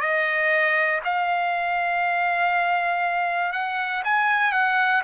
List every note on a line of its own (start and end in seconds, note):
0.00 1.00 D#5
1.04 3.52 F5
3.52 4.02 F#5
4.04 4.52 G#5
4.52 5.02 F#5